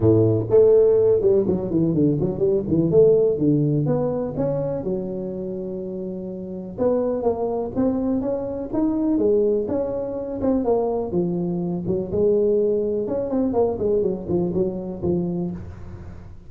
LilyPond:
\new Staff \with { instrumentName = "tuba" } { \time 4/4 \tempo 4 = 124 a,4 a4. g8 fis8 e8 | d8 fis8 g8 e8 a4 d4 | b4 cis'4 fis2~ | fis2 b4 ais4 |
c'4 cis'4 dis'4 gis4 | cis'4. c'8 ais4 f4~ | f8 fis8 gis2 cis'8 c'8 | ais8 gis8 fis8 f8 fis4 f4 | }